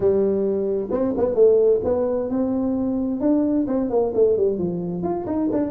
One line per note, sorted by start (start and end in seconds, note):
0.00 0.88 G3
0.90 1.13 C4
1.17 1.34 B3
1.34 1.80 A3
1.84 2.29 B3
2.29 3.20 C4
3.20 3.66 D4
3.67 3.89 C4
3.89 4.12 A#3
4.14 4.36 A3
4.36 4.58 G3
4.58 5.02 F3
5.02 5.25 F4
5.26 5.49 D#4
5.52 5.70 D4